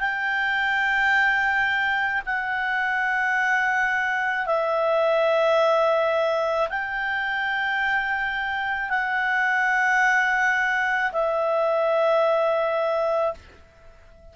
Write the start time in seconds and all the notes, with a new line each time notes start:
0.00 G5
2.26 F#5
4.46 E5
6.70 G5
8.90 F#5
11.13 E5